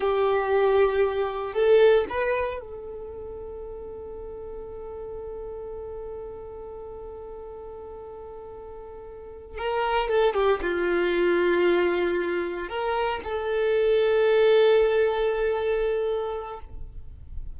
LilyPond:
\new Staff \with { instrumentName = "violin" } { \time 4/4 \tempo 4 = 116 g'2. a'4 | b'4 a'2.~ | a'1~ | a'1~ |
a'2~ a'8 ais'4 a'8 | g'8 f'2.~ f'8~ | f'8 ais'4 a'2~ a'8~ | a'1 | }